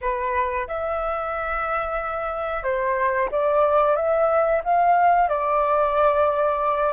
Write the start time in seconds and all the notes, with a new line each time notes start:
0.01 B4
0.67 E5
2.63 C5
3.31 D5
3.96 E5
4.63 F5
5.28 D5